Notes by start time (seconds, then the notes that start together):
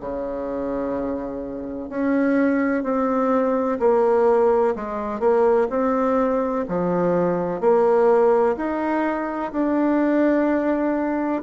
0.00 C#3
1.89 C#4
2.83 C4
3.79 A#3
4.75 G#3
5.19 A#3
5.69 C4
6.68 F3
7.60 A#3
8.56 D#4
9.52 D4